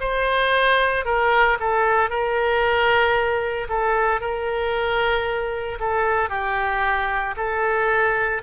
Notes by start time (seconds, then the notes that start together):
0.00 C5
1.05 A#4
1.60 A4
2.10 A#4
3.69 A4
4.21 A#4
5.79 A4
6.29 G4
7.36 A4